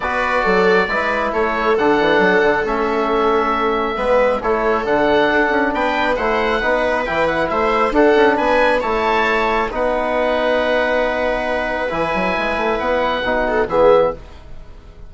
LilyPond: <<
  \new Staff \with { instrumentName = "oboe" } { \time 4/4 \tempo 4 = 136 d''2. cis''4 | fis''2 e''2~ | e''2 cis''4 fis''4~ | fis''4 g''4 fis''2 |
g''8 fis''8 e''4 fis''4 gis''4 | a''2 fis''2~ | fis''2. gis''4~ | gis''4 fis''2 e''4 | }
  \new Staff \with { instrumentName = "viola" } { \time 4/4 b'4 a'4 b'4 a'4~ | a'1~ | a'4 b'4 a'2~ | a'4 b'4 c''4 b'4~ |
b'4 c''4 a'4 b'4 | cis''2 b'2~ | b'1~ | b'2~ b'8 a'8 gis'4 | }
  \new Staff \with { instrumentName = "trombone" } { \time 4/4 fis'2 e'2 | d'2 cis'2~ | cis'4 b4 e'4 d'4~ | d'2 e'4 dis'4 |
e'2 d'2 | e'2 dis'2~ | dis'2. e'4~ | e'2 dis'4 b4 | }
  \new Staff \with { instrumentName = "bassoon" } { \time 4/4 b4 fis4 gis4 a4 | d8 e8 fis8 d8 a2~ | a4 gis4 a4 d4 | d'8 cis'8 b4 a4 b4 |
e4 a4 d'8 cis'8 b4 | a2 b2~ | b2. e8 fis8 | gis8 a8 b4 b,4 e4 | }
>>